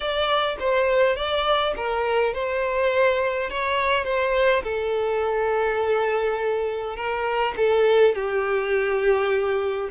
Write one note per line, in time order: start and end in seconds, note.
0.00 0.56 D5
0.59 1.15 C5
1.15 1.74 D5
1.76 2.33 A#4
2.33 3.50 C5
3.50 4.04 C#5
4.04 4.62 C5
4.63 6.96 A4
6.96 7.54 A#4
7.56 8.14 A4
8.14 9.89 G4